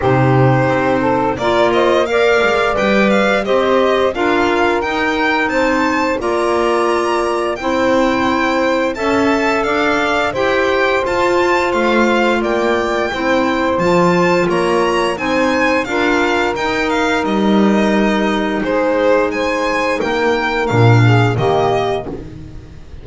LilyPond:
<<
  \new Staff \with { instrumentName = "violin" } { \time 4/4 \tempo 4 = 87 c''2 d''8 dis''8 f''4 | g''8 f''8 dis''4 f''4 g''4 | a''4 ais''2 g''4~ | g''4 a''4 f''4 g''4 |
a''4 f''4 g''2 | a''4 ais''4 gis''4 f''4 | g''8 f''8 dis''2 c''4 | gis''4 g''4 f''4 dis''4 | }
  \new Staff \with { instrumentName = "saxophone" } { \time 4/4 g'4. a'8 ais'8 c''8 d''4~ | d''4 c''4 ais'2 | c''4 d''2 c''4~ | c''4 e''4 d''4 c''4~ |
c''2 d''4 c''4~ | c''4 cis''4 c''4 ais'4~ | ais'2. gis'4 | c''4 ais'4. gis'8 g'4 | }
  \new Staff \with { instrumentName = "clarinet" } { \time 4/4 dis'2 f'4 ais'4 | b'4 g'4 f'4 dis'4~ | dis'4 f'2 e'4~ | e'4 a'2 g'4 |
f'2. e'4 | f'2 dis'4 f'4 | dis'1~ | dis'2 d'4 ais4 | }
  \new Staff \with { instrumentName = "double bass" } { \time 4/4 c4 c'4 ais4. gis8 | g4 c'4 d'4 dis'4 | c'4 ais2 c'4~ | c'4 cis'4 d'4 e'4 |
f'4 a4 ais4 c'4 | f4 ais4 c'4 d'4 | dis'4 g2 gis4~ | gis4 ais4 ais,4 dis4 | }
>>